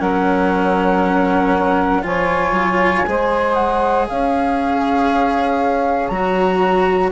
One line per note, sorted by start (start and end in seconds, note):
0.00 2.04 F#3
0.00 2.03 C#4
0.00 2.03 A#4
0.00 2.04 F#5
2.03 2.52 F3
2.03 3.05 F4
2.03 3.07 C#5
2.03 3.54 G#5
2.52 3.03 F#3
3.07 4.10 G#3
3.07 6.12 G#4
3.07 4.08 C5
3.54 4.05 F#5
4.08 6.11 C#4
4.08 7.12 C#5
4.08 6.08 F5
6.08 7.12 F#3
6.08 7.12 F#4
6.08 7.10 A#5